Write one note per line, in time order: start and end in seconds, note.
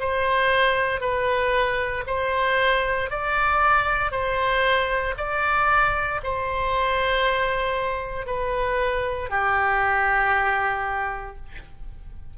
0.00 1.01 C5
1.01 2.04 B4
2.07 3.10 C5
3.10 4.11 D5
4.11 5.15 C5
5.17 6.21 D5
6.24 8.27 C5
8.27 9.30 B4
9.30 11.37 G4